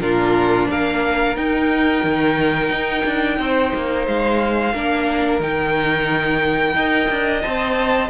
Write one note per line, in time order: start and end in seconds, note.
0.00 0.67 A#2
0.00 1.37 D4
0.00 0.70 F4
0.00 0.68 A#4
0.70 1.37 A#3
0.70 3.40 A#4
0.70 1.37 F5
1.37 4.74 D#4
1.37 2.04 D#4
1.37 4.07 G5
2.04 2.70 D#3
2.70 3.04 D#4
3.06 3.39 D4
3.39 3.73 C4
3.39 4.74 C5
3.75 4.07 A#3
4.07 4.74 G#3
4.07 5.42 F5
4.74 5.40 A#3
4.74 5.42 D4
4.74 6.76 A#4
5.40 6.75 D#3
5.40 6.76 D#4
5.40 7.42 G5
6.75 7.08 D#4
6.75 7.44 A#4
6.75 8.10 D#5
7.10 7.44 D4
7.42 8.10 C4
7.42 8.10 C5
7.42 8.10 A5